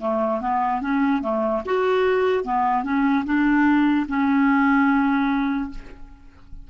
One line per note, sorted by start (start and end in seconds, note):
0.00 0.41 A3
0.41 0.81 B3
0.81 1.22 C#4
1.22 1.63 A3
1.65 2.44 F#4
2.44 2.84 B3
2.84 3.24 C#4
3.25 4.07 D4
4.08 5.70 C#4